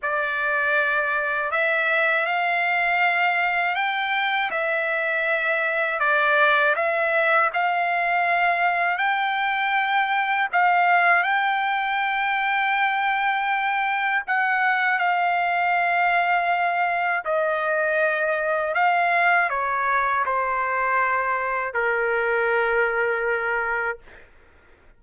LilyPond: \new Staff \with { instrumentName = "trumpet" } { \time 4/4 \tempo 4 = 80 d''2 e''4 f''4~ | f''4 g''4 e''2 | d''4 e''4 f''2 | g''2 f''4 g''4~ |
g''2. fis''4 | f''2. dis''4~ | dis''4 f''4 cis''4 c''4~ | c''4 ais'2. | }